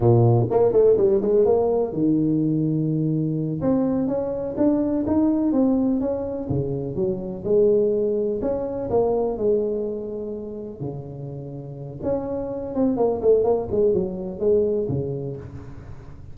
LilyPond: \new Staff \with { instrumentName = "tuba" } { \time 4/4 \tempo 4 = 125 ais,4 ais8 a8 g8 gis8 ais4 | dis2.~ dis8 c'8~ | c'8 cis'4 d'4 dis'4 c'8~ | c'8 cis'4 cis4 fis4 gis8~ |
gis4. cis'4 ais4 gis8~ | gis2~ gis8 cis4.~ | cis4 cis'4. c'8 ais8 a8 | ais8 gis8 fis4 gis4 cis4 | }